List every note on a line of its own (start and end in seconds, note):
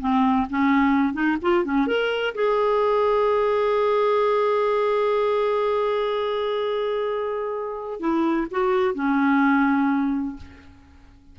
0.00 0.47 C4
0.49 1.13 C#4
1.13 1.37 D#4
1.42 1.64 F4
1.64 1.87 C#4
1.87 2.34 A#4
2.35 8.00 G#4
8.00 8.47 E4
8.51 8.95 F#4
8.95 10.36 C#4